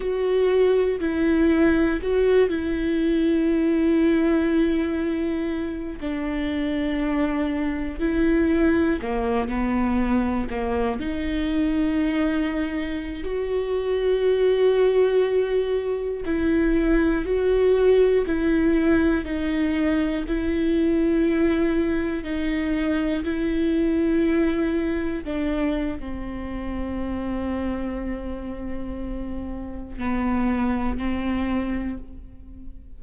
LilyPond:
\new Staff \with { instrumentName = "viola" } { \time 4/4 \tempo 4 = 60 fis'4 e'4 fis'8 e'4.~ | e'2 d'2 | e'4 ais8 b4 ais8 dis'4~ | dis'4~ dis'16 fis'2~ fis'8.~ |
fis'16 e'4 fis'4 e'4 dis'8.~ | dis'16 e'2 dis'4 e'8.~ | e'4~ e'16 d'8. c'2~ | c'2 b4 c'4 | }